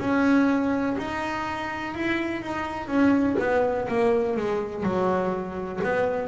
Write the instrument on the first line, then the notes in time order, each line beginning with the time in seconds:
double bass
0.00 C#4
0.99 D#4
1.94 E4
2.42 D#4
2.88 C#4
3.40 B3
3.88 A#3
4.37 G#3
4.84 F#3
5.84 B3